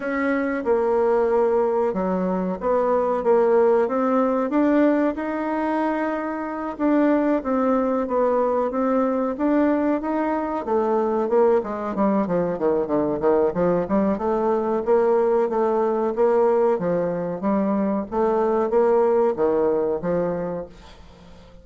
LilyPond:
\new Staff \with { instrumentName = "bassoon" } { \time 4/4 \tempo 4 = 93 cis'4 ais2 fis4 | b4 ais4 c'4 d'4 | dis'2~ dis'8 d'4 c'8~ | c'8 b4 c'4 d'4 dis'8~ |
dis'8 a4 ais8 gis8 g8 f8 dis8 | d8 dis8 f8 g8 a4 ais4 | a4 ais4 f4 g4 | a4 ais4 dis4 f4 | }